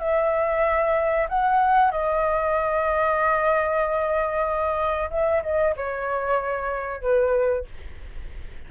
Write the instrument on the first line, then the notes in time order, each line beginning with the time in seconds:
flute
0.00 E5
1.29 F#5
1.91 D#5
5.11 E5
5.43 D#5
5.77 C#5
7.02 B4